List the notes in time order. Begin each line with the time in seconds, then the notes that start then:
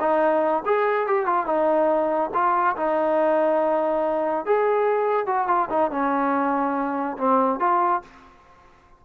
0.00 D#4
0.65 G#4
1.07 G4
1.26 F4
1.46 D#4
2.34 F4
2.77 D#4
4.46 G#4
5.26 F#4
5.48 F4
5.70 D#4
5.91 C#4
7.18 C4
7.60 F4